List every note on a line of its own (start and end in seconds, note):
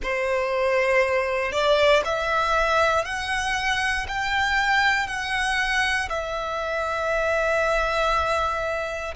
0.02 1.52 C5
1.52 2.02 D5
2.04 3.05 E5
3.05 4.06 F#5
4.07 5.07 G5
5.07 6.08 F#5
6.09 9.14 E5